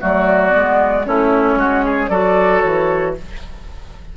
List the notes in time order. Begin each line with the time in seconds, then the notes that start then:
0.00 F#3 A3 F#4 D5
0.50 G#3 B3
1.05 A3 C#4 E4 C#5
1.56 G#3 F#4
1.85 G#4
2.09 F#3 F#4 A4 D5
2.61 E3 C#5